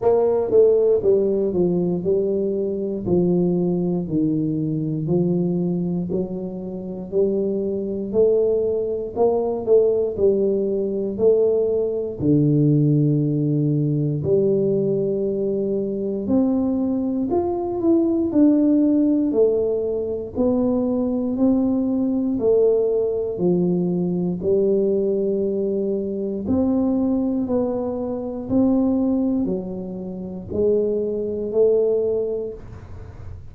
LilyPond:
\new Staff \with { instrumentName = "tuba" } { \time 4/4 \tempo 4 = 59 ais8 a8 g8 f8 g4 f4 | dis4 f4 fis4 g4 | a4 ais8 a8 g4 a4 | d2 g2 |
c'4 f'8 e'8 d'4 a4 | b4 c'4 a4 f4 | g2 c'4 b4 | c'4 fis4 gis4 a4 | }